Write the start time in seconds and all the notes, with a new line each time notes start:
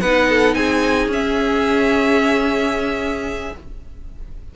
0.00 B3 D#4 B4 F#5
0.29 A4
0.54 C4 G#4 G#5
1.07 C#4 E5